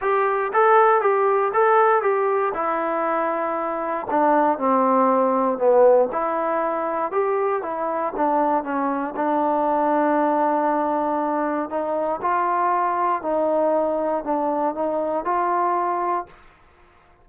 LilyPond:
\new Staff \with { instrumentName = "trombone" } { \time 4/4 \tempo 4 = 118 g'4 a'4 g'4 a'4 | g'4 e'2. | d'4 c'2 b4 | e'2 g'4 e'4 |
d'4 cis'4 d'2~ | d'2. dis'4 | f'2 dis'2 | d'4 dis'4 f'2 | }